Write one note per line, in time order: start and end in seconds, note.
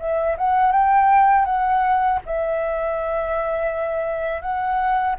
0.00 0.37 E5
0.38 0.72 F#5
0.72 1.45 G5
1.45 2.20 F#5
2.26 4.42 E5
4.42 5.16 F#5